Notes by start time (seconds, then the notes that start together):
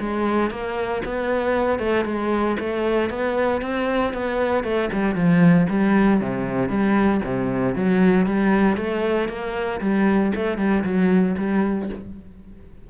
0.00 G#3
0.51 A#3
1.05 B3
1.79 A3
2.05 G#3
2.59 A3
3.10 B3
3.62 C4
4.14 B3
4.64 A3
4.93 G3
5.15 F3
5.70 G3
6.21 C3
6.69 G3
7.25 C3
7.76 F#3
8.26 G3
8.77 A3
9.29 A#3
9.81 G3
10.35 A3
10.58 G3
10.84 F#3
11.38 G3